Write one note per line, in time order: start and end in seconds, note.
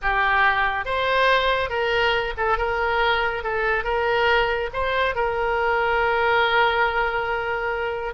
0.02 0.85 G4
0.85 1.69 C5
1.69 2.33 A#4
2.37 2.57 A4
2.57 3.43 A#4
3.43 3.84 A4
3.84 4.69 A#4
4.73 5.15 C5
5.15 8.14 A#4